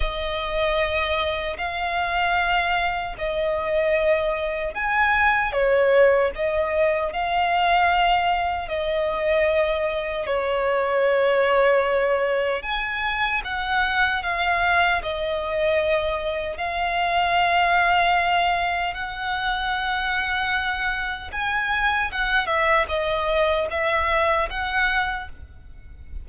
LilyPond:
\new Staff \with { instrumentName = "violin" } { \time 4/4 \tempo 4 = 76 dis''2 f''2 | dis''2 gis''4 cis''4 | dis''4 f''2 dis''4~ | dis''4 cis''2. |
gis''4 fis''4 f''4 dis''4~ | dis''4 f''2. | fis''2. gis''4 | fis''8 e''8 dis''4 e''4 fis''4 | }